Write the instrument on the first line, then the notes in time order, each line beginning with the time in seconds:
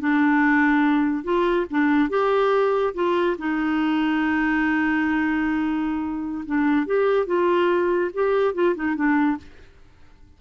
clarinet
0.00 D4
1.24 F4
1.71 D4
2.10 G4
2.95 F4
3.39 D#4
6.46 D4
6.87 G4
7.27 F4
8.14 G4
8.54 F4
8.76 D#4
8.96 D4